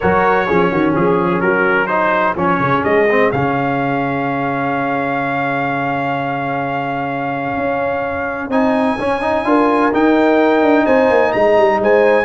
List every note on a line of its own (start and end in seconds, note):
0.00 0.50 F#3
0.00 0.48 F#4
0.00 0.46 A#4
0.00 0.93 C#5
0.46 0.71 F3
0.46 1.88 C#4
0.46 0.70 G#4
0.71 0.94 D#3
0.71 0.92 F#4
0.92 1.40 F3
0.92 1.39 G#4
0.92 1.40 G#4
1.40 2.35 F#3
1.40 1.85 F#4
1.40 1.87 A#4
1.85 2.35 D#4
1.85 9.40 G#4
1.85 2.34 C5
2.35 2.59 F3
2.35 3.08 C#4
2.35 2.83 C#5
2.59 2.83 C#3
2.83 3.31 G#3
2.83 3.31 D#5
3.10 3.33 C4
3.31 7.56 C#3
3.31 8.50 C#4
3.31 8.51 F5
7.56 8.48 C#4
8.48 8.95 C4
8.48 8.98 D#4
8.48 9.93 G#5
8.99 9.44 C#4
8.99 9.21 C#4
9.21 9.44 D#4
9.44 9.91 D4
9.44 9.92 F4
9.44 10.85 A#4
9.92 10.62 D#4
9.92 12.25 D#4
9.92 10.86 G5
10.62 10.86 D4
10.85 11.09 C4
10.85 11.32 C5
10.85 11.32 G#5
11.09 11.33 A#3
11.32 11.57 G#3
11.32 11.80 D#5
11.32 11.79 A#5
11.57 11.79 G3
11.79 12.25 G#3
11.79 12.25 C5
11.79 12.25 G#5